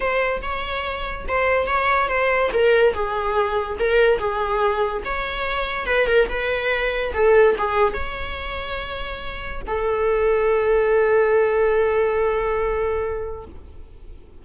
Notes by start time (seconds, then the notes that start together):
0.00 C5
0.42 C#5
1.28 C5
1.66 C#5
2.08 C5
2.53 A#4
2.93 G#4
3.79 A#4
4.18 G#4
5.04 C#5
5.85 B4
6.06 A#4
6.28 B4
7.13 A4
7.58 G#4
7.93 C#5
9.67 A4